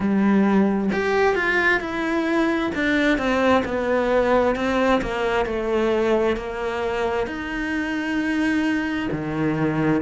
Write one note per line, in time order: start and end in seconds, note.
0.00 0.90 G3
0.92 1.35 G4
1.35 1.80 F4
1.80 2.71 E4
2.74 3.17 D4
3.17 3.63 C4
3.64 4.55 B3
4.55 5.01 C4
5.01 5.45 A#3
5.45 6.36 A3
6.36 7.26 A#3
7.26 9.08 D#4
9.11 10.01 D#3